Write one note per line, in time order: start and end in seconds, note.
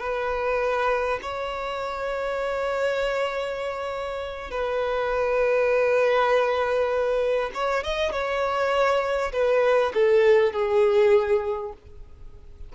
0.00 1.20 B4
1.23 4.51 C#5
4.51 7.51 B4
7.54 7.84 C#5
7.84 8.12 D#5
8.12 9.32 C#5
9.33 9.93 B4
9.94 10.53 A4
10.53 11.73 G#4